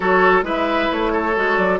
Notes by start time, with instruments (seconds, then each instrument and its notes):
0.00 bassoon F#3, clarinet F#4, oboe A4, flute C#5
0.42 bassoon G#3, clarinet E4, oboe B4, flute E5
0.92 bassoon A3, flute C#5
1.12 oboe A4
1.35 bassoon G#3, clarinet F#4
1.56 bassoon F#3, flute D5